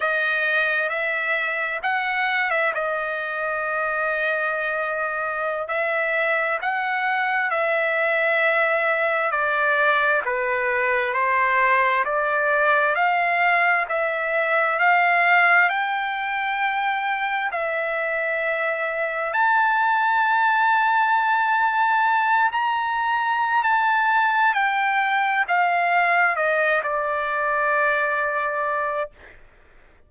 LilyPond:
\new Staff \with { instrumentName = "trumpet" } { \time 4/4 \tempo 4 = 66 dis''4 e''4 fis''8. e''16 dis''4~ | dis''2~ dis''16 e''4 fis''8.~ | fis''16 e''2 d''4 b'8.~ | b'16 c''4 d''4 f''4 e''8.~ |
e''16 f''4 g''2 e''8.~ | e''4~ e''16 a''2~ a''8.~ | a''8. ais''4~ ais''16 a''4 g''4 | f''4 dis''8 d''2~ d''8 | }